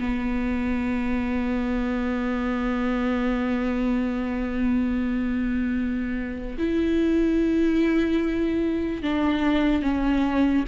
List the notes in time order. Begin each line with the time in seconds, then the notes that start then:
0.00 B3
6.58 E4
9.03 D4
9.82 C#4